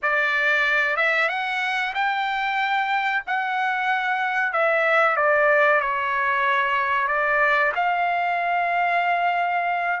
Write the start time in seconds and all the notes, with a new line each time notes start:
0.02 D5
0.96 E5
1.28 F#5
1.94 G5
3.26 F#5
4.52 E5
5.16 D5
5.80 C#5
7.07 D5
7.75 F5